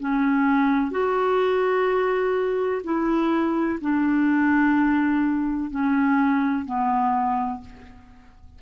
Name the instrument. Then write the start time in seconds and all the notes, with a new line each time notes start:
clarinet
0.00 C#4
0.92 F#4
2.84 E4
3.81 D4
5.71 C#4
6.66 B3